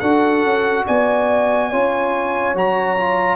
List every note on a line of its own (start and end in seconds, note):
0.00 0.44 D4
0.00 1.72 F#4
0.00 0.85 A4
0.00 0.85 F#5
0.44 0.86 C#4
0.87 1.73 B3
0.87 1.70 D5
0.87 2.56 G#5
1.70 2.55 C#4
1.70 2.55 F4
1.70 3.37 C#5
2.55 3.37 F#3
2.55 2.97 F#4
2.55 3.37 A#5
2.98 3.37 F4